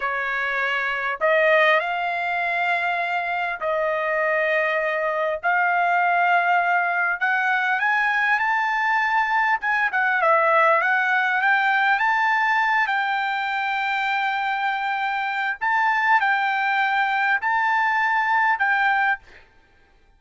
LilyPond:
\new Staff \with { instrumentName = "trumpet" } { \time 4/4 \tempo 4 = 100 cis''2 dis''4 f''4~ | f''2 dis''2~ | dis''4 f''2. | fis''4 gis''4 a''2 |
gis''8 fis''8 e''4 fis''4 g''4 | a''4. g''2~ g''8~ | g''2 a''4 g''4~ | g''4 a''2 g''4 | }